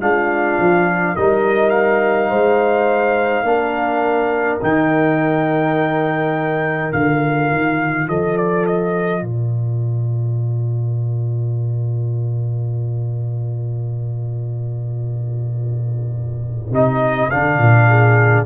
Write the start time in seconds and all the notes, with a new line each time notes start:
0.00 G#3 D4 F4 F5
0.59 F3
1.14 G3 D#4 A#4 D#5
1.69 F5
2.29 G#3 C5
3.42 A#3 D4 A#4
4.61 D#3 D#4 G5
6.92 D3 F4 F5
7.51 D#3
8.08 F3 A4 D#5
8.37 D5
8.66 D#5
9.21 A#2 A#4 D5
16.71 C3 D#4 D#5
17.30 D3 D4 F5
17.58 A#2
17.87 G#4